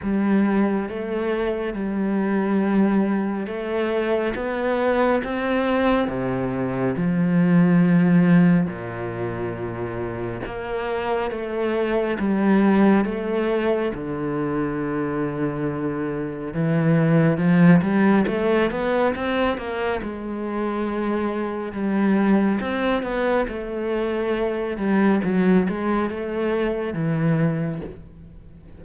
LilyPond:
\new Staff \with { instrumentName = "cello" } { \time 4/4 \tempo 4 = 69 g4 a4 g2 | a4 b4 c'4 c4 | f2 ais,2 | ais4 a4 g4 a4 |
d2. e4 | f8 g8 a8 b8 c'8 ais8 gis4~ | gis4 g4 c'8 b8 a4~ | a8 g8 fis8 gis8 a4 e4 | }